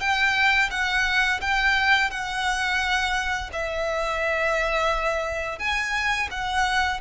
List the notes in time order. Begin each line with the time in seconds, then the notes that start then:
0.00 G5
0.70 F#5
1.41 G5
2.11 F#5
3.52 E5
5.59 G#5
6.31 F#5